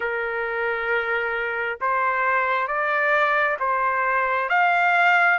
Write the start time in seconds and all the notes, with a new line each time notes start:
0.00 A#4
1.80 C5
2.67 D5
3.59 C5
4.49 F5